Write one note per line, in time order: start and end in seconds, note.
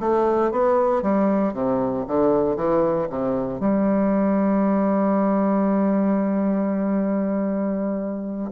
0.00 0.52 A3
0.52 1.03 B3
1.03 1.53 G3
1.53 2.05 C3
2.07 2.56 D3
2.56 3.08 E3
3.09 3.60 C3
3.60 8.51 G3